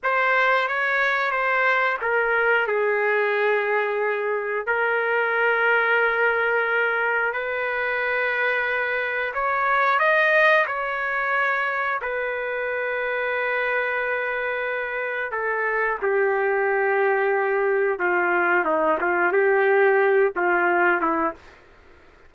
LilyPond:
\new Staff \with { instrumentName = "trumpet" } { \time 4/4 \tempo 4 = 90 c''4 cis''4 c''4 ais'4 | gis'2. ais'4~ | ais'2. b'4~ | b'2 cis''4 dis''4 |
cis''2 b'2~ | b'2. a'4 | g'2. f'4 | dis'8 f'8 g'4. f'4 e'8 | }